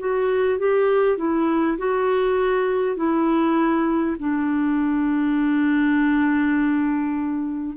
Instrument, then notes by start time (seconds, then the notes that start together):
clarinet
0.00 F#4
0.59 G4
1.18 E4
1.79 F#4
2.97 E4
4.20 D4